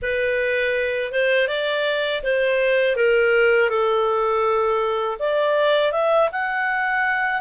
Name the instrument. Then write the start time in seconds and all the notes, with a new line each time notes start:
clarinet
0.02 B4
1.11 C5
1.47 D5
2.23 C5
2.96 A#4
3.69 A4
5.19 D5
5.92 E5
6.32 F#5